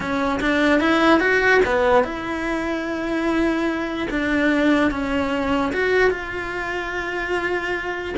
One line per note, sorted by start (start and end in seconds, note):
0.00 0.40 C#4
0.40 0.79 D4
0.79 1.19 E4
1.19 1.60 F#4
1.65 2.04 B3
2.04 4.08 E4
4.10 4.91 D4
4.91 5.72 C#4
5.73 6.10 F#4
6.10 8.14 F4